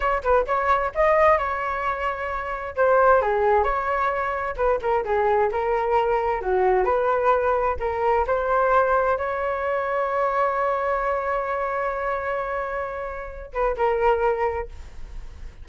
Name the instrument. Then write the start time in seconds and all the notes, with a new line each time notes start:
flute
0.00 C#5
0.23 B4
0.46 C#5
0.94 D#5
1.38 C#5
2.76 C5
3.21 G#4
3.63 C#5
4.56 B4
4.81 A#4
5.04 G#4
5.51 A#4
6.41 F#4
6.84 B4
7.79 A#4
8.27 C5
9.17 C#5
13.53 B4
13.76 A#4